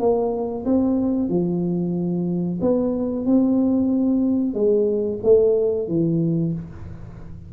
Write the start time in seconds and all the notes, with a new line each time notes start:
0.00 A#3
0.66 C4
1.29 F3
2.61 B3
3.26 C4
4.54 G#3
5.24 A3
5.89 E3